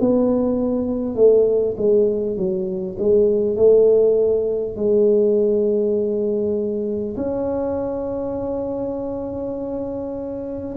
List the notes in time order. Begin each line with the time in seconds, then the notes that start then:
0.00 B3
1.16 A3
1.77 G#3
2.37 F#3
2.99 G#3
3.56 A3
4.77 G#3
7.17 C#4